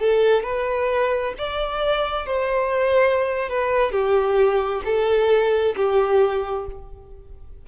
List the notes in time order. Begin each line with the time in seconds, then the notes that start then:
0.00 A4
0.44 B4
1.38 D5
2.26 C5
3.50 B4
3.92 G4
4.85 A4
5.76 G4